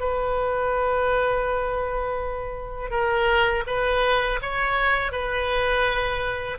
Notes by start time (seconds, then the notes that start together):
0.00 B4
2.91 A#4
3.67 B4
4.42 C#5
5.12 B4